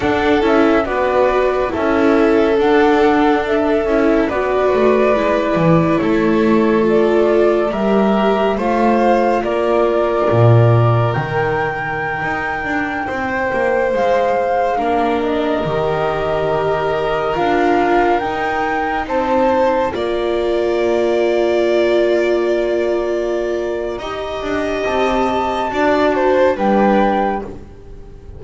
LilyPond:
<<
  \new Staff \with { instrumentName = "flute" } { \time 4/4 \tempo 4 = 70 fis''8 e''8 d''4 e''4 fis''4 | e''4 d''2 cis''4 | d''4 e''4 f''4 d''4~ | d''4 g''2.~ |
g''16 f''4. dis''2~ dis''16~ | dis''16 f''4 g''4 a''4 ais''8.~ | ais''1~ | ais''4 a''2 g''4 | }
  \new Staff \with { instrumentName = "violin" } { \time 4/4 a'4 b'4 a'2~ | a'4 b'2 a'4~ | a'4 ais'4 c''4 ais'4~ | ais'2.~ ais'16 c''8.~ |
c''4~ c''16 ais'2~ ais'8.~ | ais'2~ ais'16 c''4 d''8.~ | d''1 | dis''2 d''8 c''8 b'4 | }
  \new Staff \with { instrumentName = "viola" } { \time 4/4 d'8 e'8 fis'4 e'4 d'4~ | d'8 e'8 fis'4 e'2 | f'4 g'4 f'2~ | f'4 dis'2.~ |
dis'4~ dis'16 d'4 g'4.~ g'16~ | g'16 f'4 dis'2 f'8.~ | f'1 | g'2 fis'4 d'4 | }
  \new Staff \with { instrumentName = "double bass" } { \time 4/4 d'8 cis'8 b4 cis'4 d'4~ | d'8 cis'8 b8 a8 gis8 e8 a4~ | a4 g4 a4 ais4 | ais,4 dis4~ dis16 dis'8 d'8 c'8 ais16~ |
ais16 gis4 ais4 dis4.~ dis16~ | dis16 d'4 dis'4 c'4 ais8.~ | ais1 | dis'8 d'8 c'4 d'4 g4 | }
>>